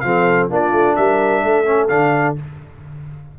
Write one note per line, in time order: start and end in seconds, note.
0.00 0.50 F3
0.00 0.50 C4
0.00 0.52 A4
0.00 0.47 F5
0.50 0.72 A#3
0.50 1.65 D4
0.50 0.97 F4
0.50 0.96 D5
0.72 0.96 A3
0.96 1.44 G3
0.96 1.44 A#4
0.96 1.88 E5
1.44 1.90 A3
1.44 2.39 A4
1.65 1.88 C#4
1.88 2.37 D3
1.88 2.36 D4
1.88 2.35 F5